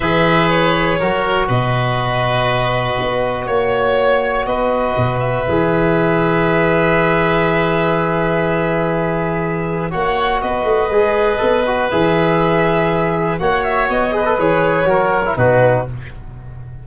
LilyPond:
<<
  \new Staff \with { instrumentName = "violin" } { \time 4/4 \tempo 4 = 121 e''4 cis''2 dis''4~ | dis''2. cis''4~ | cis''4 dis''4. e''4.~ | e''1~ |
e''1 | fis''4 dis''2. | e''2. fis''8 e''8 | dis''4 cis''2 b'4 | }
  \new Staff \with { instrumentName = "oboe" } { \time 4/4 b'2 ais'4 b'4~ | b'2. cis''4~ | cis''4 b'2.~ | b'1~ |
b'1 | cis''4 b'2.~ | b'2. cis''4~ | cis''8 b'4. ais'4 fis'4 | }
  \new Staff \with { instrumentName = "trombone" } { \time 4/4 gis'2 fis'2~ | fis'1~ | fis'2. gis'4~ | gis'1~ |
gis'1 | fis'2 gis'4 a'8 fis'8 | gis'2. fis'4~ | fis'8 gis'16 a'16 gis'4 fis'8. e'16 dis'4 | }
  \new Staff \with { instrumentName = "tuba" } { \time 4/4 e2 fis4 b,4~ | b,2 b4 ais4~ | ais4 b4 b,4 e4~ | e1~ |
e1 | ais4 b8 a8 gis4 b4 | e2. ais4 | b4 e4 fis4 b,4 | }
>>